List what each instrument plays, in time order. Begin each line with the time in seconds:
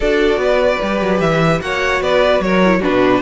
0.00 cello D4, viola F#4, violin A4 D5
0.37 cello B3, violin B4
0.80 cello G3, viola G4
1.01 cello F#3
1.20 cello E3, violin E5
1.60 cello A#3, viola F#4, violin C#5 F#5
2.00 cello B3, violin B4 D5
2.40 cello F#3, violin A#4 C#5
2.64 viola E4
2.80 viola D4, violin F#4 B4
2.86 cello B2